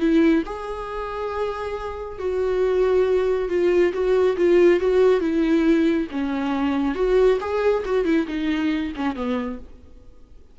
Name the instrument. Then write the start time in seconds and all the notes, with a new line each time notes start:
viola
0.00 E4
0.46 G#4
2.19 F#4
3.49 F4
3.93 F#4
4.37 F4
4.80 F#4
5.21 E4
6.11 C#4
6.95 F#4
7.41 G#4
7.85 F#4
8.05 E4
8.27 D#4
8.96 C#4
9.16 B3